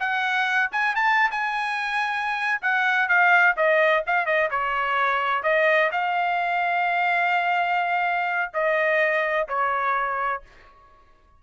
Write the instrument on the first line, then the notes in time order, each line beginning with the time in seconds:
trumpet
0.00 F#5
0.72 G#5
0.96 A5
1.31 G#5
2.62 F#5
3.09 F5
3.57 D#5
4.07 F5
4.26 D#5
4.51 C#5
5.44 D#5
5.92 F5
8.54 D#5
9.49 C#5